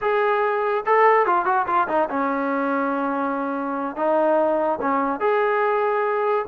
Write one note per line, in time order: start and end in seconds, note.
0.01 0.84 G#4
0.86 1.26 A4
1.26 1.45 F4
1.45 1.66 F#4
1.66 1.87 F4
1.87 2.08 D#4
2.09 3.96 C#4
3.96 4.79 D#4
4.81 5.20 C#4
5.20 6.45 G#4